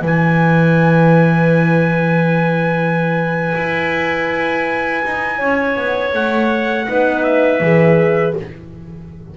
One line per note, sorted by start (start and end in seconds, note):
0.00 3.53 E3
0.00 6.87 E4
0.00 5.37 B4
0.00 6.14 G#5
3.55 5.03 E4
5.04 5.40 D#4
5.37 5.76 C#4
5.37 6.85 C#5
5.76 6.13 B3
6.13 6.87 A3
6.13 7.22 F#5
6.87 7.60 B3
6.87 7.62 D#4
6.87 8.36 B4
7.22 8.33 E5
7.60 8.34 E3
7.60 8.36 G#4